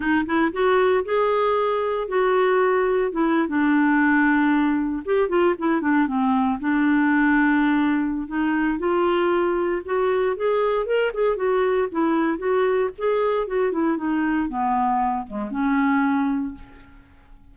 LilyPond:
\new Staff \with { instrumentName = "clarinet" } { \time 4/4 \tempo 4 = 116 dis'8 e'8 fis'4 gis'2 | fis'2 e'8. d'4~ d'16~ | d'4.~ d'16 g'8 f'8 e'8 d'8 c'16~ | c'8. d'2.~ d'16 |
dis'4 f'2 fis'4 | gis'4 ais'8 gis'8 fis'4 e'4 | fis'4 gis'4 fis'8 e'8 dis'4 | b4. gis8 cis'2 | }